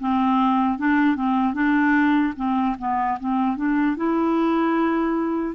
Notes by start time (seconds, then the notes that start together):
0.00 C4
0.78 D4
1.16 C4
1.54 D4
2.36 C4
2.79 B3
3.20 C4
3.56 D4
3.97 E4